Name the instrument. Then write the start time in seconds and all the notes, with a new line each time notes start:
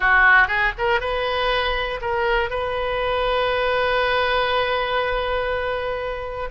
oboe
0.00 F#4
0.47 G#4
0.77 A#4
1.00 B4
2.01 A#4
2.50 B4